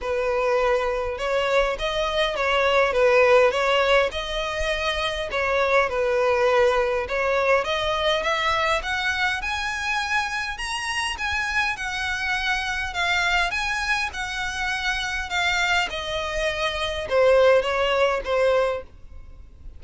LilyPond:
\new Staff \with { instrumentName = "violin" } { \time 4/4 \tempo 4 = 102 b'2 cis''4 dis''4 | cis''4 b'4 cis''4 dis''4~ | dis''4 cis''4 b'2 | cis''4 dis''4 e''4 fis''4 |
gis''2 ais''4 gis''4 | fis''2 f''4 gis''4 | fis''2 f''4 dis''4~ | dis''4 c''4 cis''4 c''4 | }